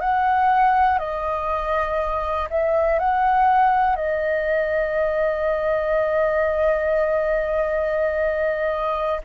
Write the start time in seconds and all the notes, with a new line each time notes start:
0.00 F#5
0.98 D#5
2.50 E5
2.99 F#5
3.95 D#5